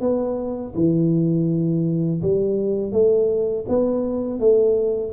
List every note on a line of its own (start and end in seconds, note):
0.00 0.73 B3
0.75 2.22 E3
2.22 2.92 G3
2.92 3.65 A3
3.68 4.39 B3
4.39 5.12 A3